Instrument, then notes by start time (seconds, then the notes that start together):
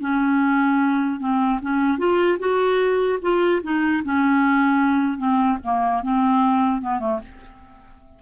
clarinet
0.00 C#4
1.19 C4
1.61 C#4
1.98 F4
2.39 F#4
3.21 F4
3.63 D#4
4.04 C#4
5.17 C4
5.64 A#3
6.02 C4
6.81 B3
6.99 A3